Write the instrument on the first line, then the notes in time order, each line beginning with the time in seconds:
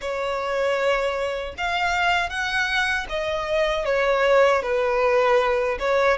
violin
0.01 C#5
1.57 F5
2.29 F#5
3.09 D#5
3.85 C#5
4.62 B4
5.79 C#5